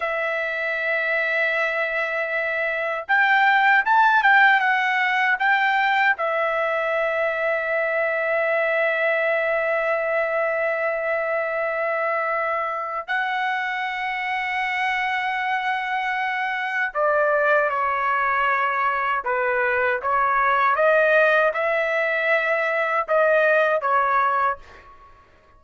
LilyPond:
\new Staff \with { instrumentName = "trumpet" } { \time 4/4 \tempo 4 = 78 e''1 | g''4 a''8 g''8 fis''4 g''4 | e''1~ | e''1~ |
e''4 fis''2.~ | fis''2 d''4 cis''4~ | cis''4 b'4 cis''4 dis''4 | e''2 dis''4 cis''4 | }